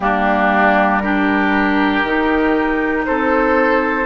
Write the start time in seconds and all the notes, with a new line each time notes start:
0.00 G3 A#3 D4 G4
0.99 D4 G4 A#4
2.03 D#3 D#4
3.05 C4 A4 C5